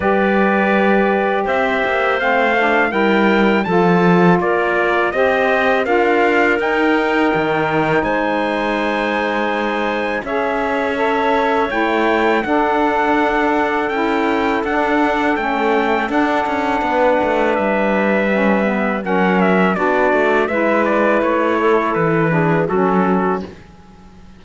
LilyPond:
<<
  \new Staff \with { instrumentName = "trumpet" } { \time 4/4 \tempo 4 = 82 d''2 e''4 f''4 | g''4 a''4 d''4 dis''4 | f''4 g''2 gis''4~ | gis''2 e''2 |
g''4 fis''2 g''4 | fis''4 g''4 fis''2 | e''2 fis''8 e''8 d''4 | e''8 d''8 cis''4 b'4 a'4 | }
  \new Staff \with { instrumentName = "clarinet" } { \time 4/4 b'2 c''2 | ais'4 a'4 ais'4 c''4 | ais'2. c''4~ | c''2 cis''2~ |
cis''4 a'2.~ | a'2. b'4~ | b'2 ais'4 fis'4 | b'4. a'4 gis'8 fis'4 | }
  \new Staff \with { instrumentName = "saxophone" } { \time 4/4 g'2. c'8 d'8 | e'4 f'2 g'4 | f'4 dis'2.~ | dis'2 gis'4 a'4 |
e'4 d'2 e'4 | d'4 cis'4 d'2~ | d'4 cis'8 b8 cis'4 d'4 | e'2~ e'8 d'8 cis'4 | }
  \new Staff \with { instrumentName = "cello" } { \time 4/4 g2 c'8 ais8 a4 | g4 f4 ais4 c'4 | d'4 dis'4 dis4 gis4~ | gis2 cis'2 |
a4 d'2 cis'4 | d'4 a4 d'8 cis'8 b8 a8 | g2 fis4 b8 a8 | gis4 a4 e4 fis4 | }
>>